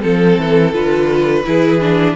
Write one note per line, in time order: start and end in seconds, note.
0.00 0.38 F3
0.00 0.72 C4
0.00 1.43 A4
0.00 0.74 A4
0.38 0.74 E3
0.72 1.45 D3
0.72 1.44 F4
0.72 2.16 B4
1.45 2.16 E3
1.45 1.80 E4
1.45 2.16 G#4
1.80 2.16 D4